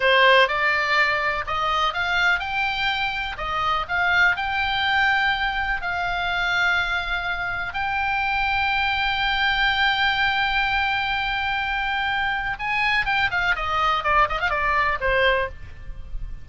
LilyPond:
\new Staff \with { instrumentName = "oboe" } { \time 4/4 \tempo 4 = 124 c''4 d''2 dis''4 | f''4 g''2 dis''4 | f''4 g''2. | f''1 |
g''1~ | g''1~ | g''2 gis''4 g''8 f''8 | dis''4 d''8 dis''16 f''16 d''4 c''4 | }